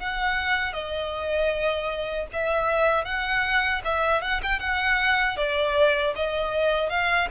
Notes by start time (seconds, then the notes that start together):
0.00 F#5
0.73 D#5
2.33 E5
3.05 F#5
3.85 E5
4.22 F#5
4.43 G5
4.60 F#5
5.37 D5
6.16 D#5
6.90 F5